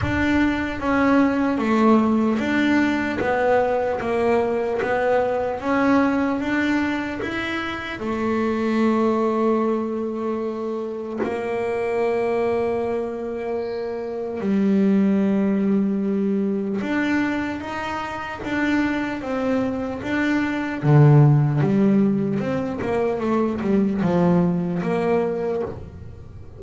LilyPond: \new Staff \with { instrumentName = "double bass" } { \time 4/4 \tempo 4 = 75 d'4 cis'4 a4 d'4 | b4 ais4 b4 cis'4 | d'4 e'4 a2~ | a2 ais2~ |
ais2 g2~ | g4 d'4 dis'4 d'4 | c'4 d'4 d4 g4 | c'8 ais8 a8 g8 f4 ais4 | }